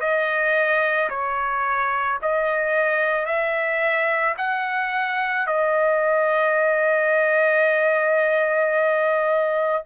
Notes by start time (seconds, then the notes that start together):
0.00 D#5
1.09 C#5
2.22 D#5
3.25 E5
4.37 F#5
5.46 D#5